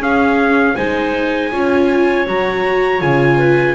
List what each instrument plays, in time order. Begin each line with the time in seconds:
0.00 double bass C#4, viola C#4, clarinet G#4, trumpet F5
0.75 double bass G#3, viola D#4, clarinet C5, trumpet G#5
1.52 double bass C#4, viola F4, clarinet C#5
2.27 double bass F#3, viola F#4, trumpet A#5
3.01 double bass C#3, viola F4, trumpet G#5
3.38 clarinet B4